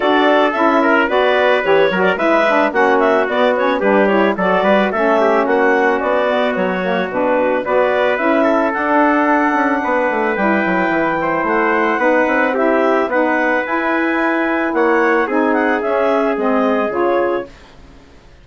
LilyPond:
<<
  \new Staff \with { instrumentName = "clarinet" } { \time 4/4 \tempo 4 = 110 d''4 e''4 d''4 cis''8. d''16 | e''4 fis''8 e''8 d''8 cis''8 b'8 cis''8 | d''4 e''4 fis''4 d''4 | cis''4 b'4 d''4 e''4 |
fis''2. g''4~ | g''4 fis''2 e''4 | fis''4 gis''2 fis''4 | gis''8 fis''8 e''4 dis''4 cis''4 | }
  \new Staff \with { instrumentName = "trumpet" } { \time 4/4 a'4. ais'8 b'4. ais'8 | b'4 fis'2 g'4 | a'8 b'8 a'8 g'8 fis'2~ | fis'2 b'4. a'8~ |
a'2 b'2~ | b'8 c''4. b'4 g'4 | b'2. cis''4 | gis'1 | }
  \new Staff \with { instrumentName = "saxophone" } { \time 4/4 fis'4 e'4 fis'4 g'8 fis'8 | e'8 d'8 cis'4 b8 cis'8 d'8 e'8 | fis'4 cis'2~ cis'8 b8~ | b8 ais8 d'4 fis'4 e'4 |
d'2. e'4~ | e'2 dis'4 e'4 | dis'4 e'2. | dis'4 cis'4 c'4 f'4 | }
  \new Staff \with { instrumentName = "bassoon" } { \time 4/4 d'4 cis'4 b4 e8 fis8 | gis4 ais4 b4 g4 | fis8 g8 a4 ais4 b4 | fis4 b,4 b4 cis'4 |
d'4. cis'8 b8 a8 g8 fis8 | e4 a4 b8 c'4. | b4 e'2 ais4 | c'4 cis'4 gis4 cis4 | }
>>